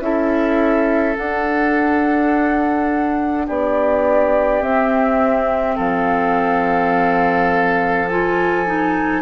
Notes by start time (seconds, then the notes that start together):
0.00 C#4 E4 A4 E5
1.16 D4 F#5
3.47 B3 G4 D5
4.61 C4 E5
5.76 F3 A4 F5
8.08 F4 G#5
8.67 D#4